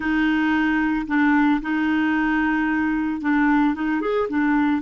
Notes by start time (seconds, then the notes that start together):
0.00 D#4
1.07 D4
1.61 D#4
3.21 D4
3.74 D#4
4.01 G#4
4.28 D4